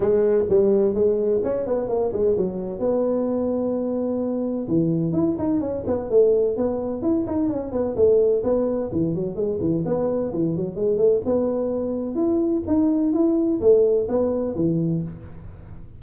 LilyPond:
\new Staff \with { instrumentName = "tuba" } { \time 4/4 \tempo 4 = 128 gis4 g4 gis4 cis'8 b8 | ais8 gis8 fis4 b2~ | b2 e4 e'8 dis'8 | cis'8 b8 a4 b4 e'8 dis'8 |
cis'8 b8 a4 b4 e8 fis8 | gis8 e8 b4 e8 fis8 gis8 a8 | b2 e'4 dis'4 | e'4 a4 b4 e4 | }